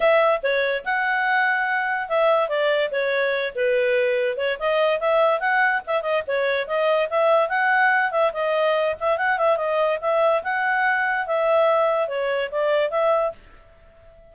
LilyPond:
\new Staff \with { instrumentName = "clarinet" } { \time 4/4 \tempo 4 = 144 e''4 cis''4 fis''2~ | fis''4 e''4 d''4 cis''4~ | cis''8 b'2 cis''8 dis''4 | e''4 fis''4 e''8 dis''8 cis''4 |
dis''4 e''4 fis''4. e''8 | dis''4. e''8 fis''8 e''8 dis''4 | e''4 fis''2 e''4~ | e''4 cis''4 d''4 e''4 | }